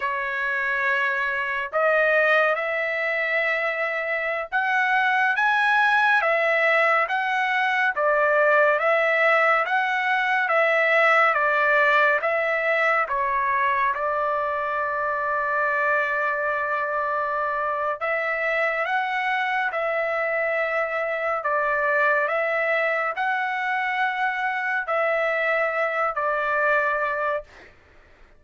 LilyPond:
\new Staff \with { instrumentName = "trumpet" } { \time 4/4 \tempo 4 = 70 cis''2 dis''4 e''4~ | e''4~ e''16 fis''4 gis''4 e''8.~ | e''16 fis''4 d''4 e''4 fis''8.~ | fis''16 e''4 d''4 e''4 cis''8.~ |
cis''16 d''2.~ d''8.~ | d''4 e''4 fis''4 e''4~ | e''4 d''4 e''4 fis''4~ | fis''4 e''4. d''4. | }